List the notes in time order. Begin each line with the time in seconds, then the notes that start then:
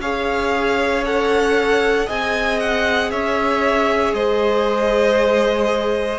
0.00 C#4 G#4 C#5 F5
1.04 A4 F#5
2.06 C4 G#4 D#5 G#5
2.59 F#5
3.11 C#4 C#5 E5
4.13 G#3 C5 D#5